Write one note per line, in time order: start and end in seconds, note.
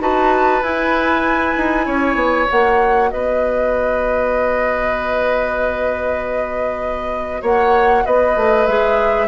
0.00 0.62 D#4
0.00 0.62 F#4
0.00 1.85 B4
0.00 0.62 A5
0.62 1.55 E4
0.62 2.46 E4
0.62 2.48 G#5
1.57 1.86 D#4
1.85 2.15 C#4
1.85 3.09 C#5
2.15 2.45 B3
2.46 3.10 A#3
2.46 8.65 F#4
2.46 3.10 F#5
3.10 7.42 B3
3.10 7.41 B4
3.10 7.43 D#5
7.41 8.04 A#3
7.41 8.03 C#5
7.41 8.05 F#5
8.05 8.36 B3
8.05 9.27 B4
8.05 8.66 D#5
8.36 8.67 A3
8.66 9.27 G#3
8.66 9.27 G#4
8.66 9.27 E5